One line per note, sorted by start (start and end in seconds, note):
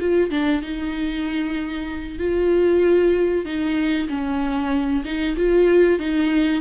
0.00 0.30 F4
0.30 0.62 D4
0.62 2.18 D#4
2.18 3.45 F4
3.45 4.08 D#4
4.09 5.03 C#4
5.04 5.36 D#4
5.37 5.99 F4
5.99 6.61 D#4